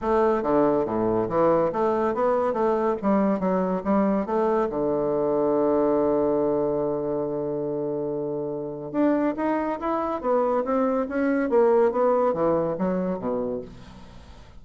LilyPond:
\new Staff \with { instrumentName = "bassoon" } { \time 4/4 \tempo 4 = 141 a4 d4 a,4 e4 | a4 b4 a4 g4 | fis4 g4 a4 d4~ | d1~ |
d1~ | d4 d'4 dis'4 e'4 | b4 c'4 cis'4 ais4 | b4 e4 fis4 b,4 | }